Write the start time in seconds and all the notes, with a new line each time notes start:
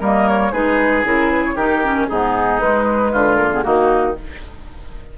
0.00 G3 A#3 A#4 D#5
0.28 C#5
0.52 G#3 D#4 G#4 B4
1.04 C#3 E4 A#4
1.31 B4
1.45 C#5
1.55 D#3 D#4 G4 A#4
1.83 C#4
2.08 G#2 B3 D#4 G#4
2.60 G#3 B4
3.12 D3 F4
3.35 A#3 A#4
3.52 B3 G#4
3.62 D#3 A#3 D#4 F#4